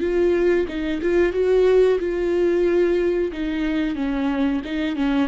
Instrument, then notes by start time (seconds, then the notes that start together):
viola
0.00 F4
0.68 D#4
1.02 F4
1.32 F#4
1.99 F4
3.32 D#4
3.95 C#4
4.64 D#4
4.96 C#4